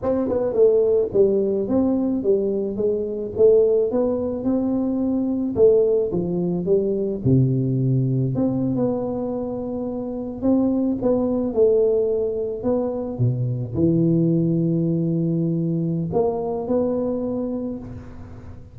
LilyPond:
\new Staff \with { instrumentName = "tuba" } { \time 4/4 \tempo 4 = 108 c'8 b8 a4 g4 c'4 | g4 gis4 a4 b4 | c'2 a4 f4 | g4 c2 c'8. b16~ |
b2~ b8. c'4 b16~ | b8. a2 b4 b,16~ | b,8. e2.~ e16~ | e4 ais4 b2 | }